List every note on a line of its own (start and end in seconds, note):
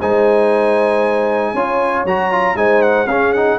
0.00 1.54 G#3
0.00 1.56 D#4
0.00 1.53 C5
0.00 2.06 G#5
1.53 2.05 C#4
1.53 2.07 F4
1.53 2.56 C#5
2.05 2.55 F#3
2.05 2.32 F#4
2.05 2.57 A#5
2.32 2.56 F4
2.55 3.07 G#3
2.55 3.07 D#4
2.55 3.08 C5
2.55 2.82 G#5
2.82 3.07 F#5
3.07 3.58 C#4
3.07 3.36 C#4
3.07 3.59 G#4
3.07 3.33 F5
3.33 3.59 D#4
3.33 3.59 F#5